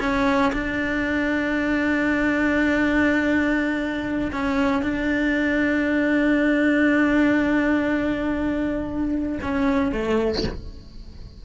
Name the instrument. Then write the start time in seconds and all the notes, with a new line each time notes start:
cello
0.00 C#4
0.53 D4
4.32 C#4
4.82 D4
9.42 C#4
9.92 A3